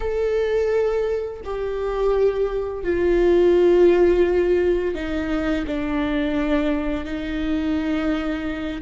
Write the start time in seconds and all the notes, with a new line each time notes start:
0.00 A4
1.44 G4
2.83 F4
4.94 D#4
5.67 D4
7.05 D#4